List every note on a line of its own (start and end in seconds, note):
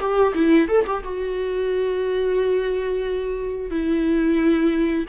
0.00 0.34 G4
0.35 0.69 E4
0.69 0.86 A4
0.87 1.04 G4
1.04 3.71 F#4
3.71 5.06 E4